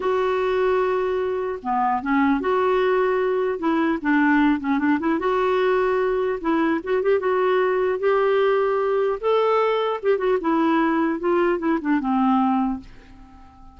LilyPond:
\new Staff \with { instrumentName = "clarinet" } { \time 4/4 \tempo 4 = 150 fis'1 | b4 cis'4 fis'2~ | fis'4 e'4 d'4. cis'8 | d'8 e'8 fis'2. |
e'4 fis'8 g'8 fis'2 | g'2. a'4~ | a'4 g'8 fis'8 e'2 | f'4 e'8 d'8 c'2 | }